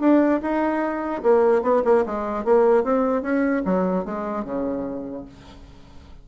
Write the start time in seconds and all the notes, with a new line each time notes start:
0.00 D4
0.42 D#4
1.22 A#3
1.62 B3
1.85 A#3
2.06 G#3
2.44 A#3
2.84 C4
3.22 C#4
3.65 F#3
4.05 G#3
4.44 C#3